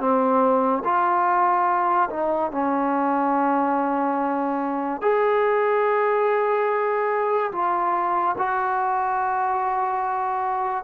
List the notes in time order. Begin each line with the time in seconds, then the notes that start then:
0.00 C4
0.85 F4
2.11 D#4
2.52 C#4
5.02 G#4
7.53 F4
8.38 F#4